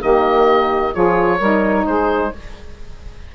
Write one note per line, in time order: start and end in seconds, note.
0.00 0.95 D#3
0.00 0.92 A#3
0.00 0.93 G4
0.00 0.94 D#5
0.93 1.40 F3
0.93 1.39 F4
0.93 1.38 G#4
0.93 1.86 C#5
1.38 1.86 G3
1.38 2.34 D#4
1.38 1.84 A#4
1.86 2.32 G#3
1.86 2.32 G#4
1.86 2.32 C5